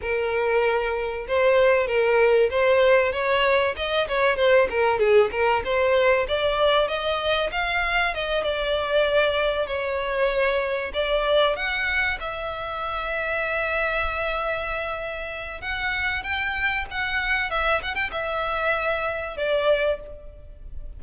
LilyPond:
\new Staff \with { instrumentName = "violin" } { \time 4/4 \tempo 4 = 96 ais'2 c''4 ais'4 | c''4 cis''4 dis''8 cis''8 c''8 ais'8 | gis'8 ais'8 c''4 d''4 dis''4 | f''4 dis''8 d''2 cis''8~ |
cis''4. d''4 fis''4 e''8~ | e''1~ | e''4 fis''4 g''4 fis''4 | e''8 fis''16 g''16 e''2 d''4 | }